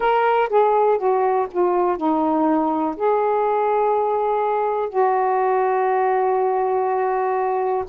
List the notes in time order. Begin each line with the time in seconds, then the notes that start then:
0.00 A#4
0.49 G#4
0.98 F#4
1.51 F4
1.97 D#4
2.96 G#4
4.89 F#4